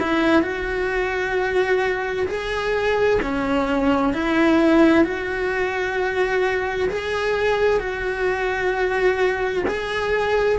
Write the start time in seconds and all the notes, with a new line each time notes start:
0.00 E4
0.42 F#4
2.28 G#4
3.23 C#4
4.13 E4
5.04 F#4
6.89 G#4
7.80 F#4
9.68 G#4